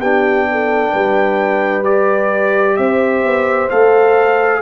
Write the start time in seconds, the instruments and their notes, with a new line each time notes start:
0.00 tuba B3, trombone D4, horn G4, trumpet G5
0.51 horn A4
0.92 tuba G3, horn B4
1.83 trombone G4, trumpet D5
2.77 tuba C4, horn C5, trumpet E5
3.23 tuba B3
3.70 tuba A3, trombone A4, trumpet F5